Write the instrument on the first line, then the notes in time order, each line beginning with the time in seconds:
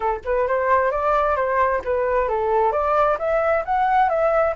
flute
0.00 A4
0.25 B4
0.47 C5
0.91 D5
1.36 C5
1.84 B4
2.28 A4
2.72 D5
3.18 E5
3.65 F#5
4.09 E5